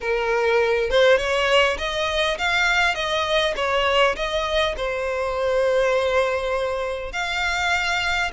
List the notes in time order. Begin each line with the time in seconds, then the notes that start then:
0.01 A#4
0.90 C5
1.17 C#5
1.78 D#5
2.38 F5
2.94 D#5
3.56 C#5
4.16 D#5
4.76 C5
7.12 F5